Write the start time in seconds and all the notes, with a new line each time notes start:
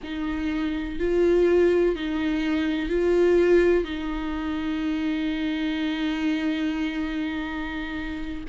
0.03 D#4
0.99 F4
1.95 D#4
2.89 F4
3.84 D#4